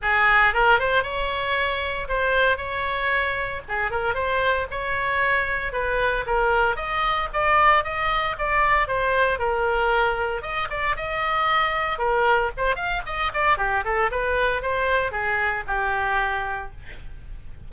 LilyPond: \new Staff \with { instrumentName = "oboe" } { \time 4/4 \tempo 4 = 115 gis'4 ais'8 c''8 cis''2 | c''4 cis''2 gis'8 ais'8 | c''4 cis''2 b'4 | ais'4 dis''4 d''4 dis''4 |
d''4 c''4 ais'2 | dis''8 d''8 dis''2 ais'4 | c''8 f''8 dis''8 d''8 g'8 a'8 b'4 | c''4 gis'4 g'2 | }